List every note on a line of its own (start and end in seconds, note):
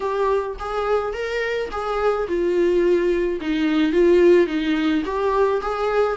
0.00 0.56 G4
0.59 1.13 G#4
1.13 1.69 A#4
1.71 2.27 G#4
2.27 3.39 F4
3.41 3.92 D#4
3.92 4.46 F4
4.46 5.02 D#4
5.05 5.61 G4
5.61 6.17 G#4